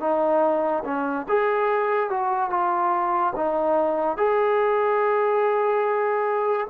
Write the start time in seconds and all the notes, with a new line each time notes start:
0.00 D#4
0.85 C#4
1.29 G#4
2.10 F#4
2.50 F4
3.36 D#4
4.17 G#4